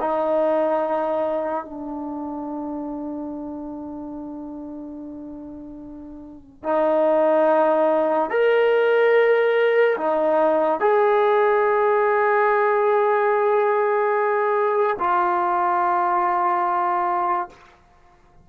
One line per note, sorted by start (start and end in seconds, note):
0.00 1.65 D#4
1.65 6.63 D4
6.63 8.30 D#4
8.30 9.97 A#4
9.97 10.80 D#4
10.80 14.97 G#4
14.99 17.49 F4